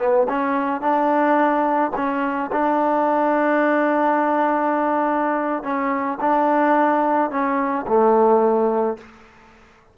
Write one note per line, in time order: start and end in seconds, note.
0.00 0.28 B3
0.29 0.82 C#4
0.82 1.92 D4
1.96 2.51 C#4
2.53 5.63 D4
5.63 6.19 C#4
6.21 7.31 D4
7.31 7.86 C#4
7.88 8.98 A3